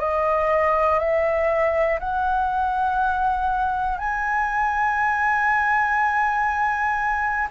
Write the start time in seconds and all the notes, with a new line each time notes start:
0.00 D#5
1.00 E5
2.00 F#5
3.98 G#5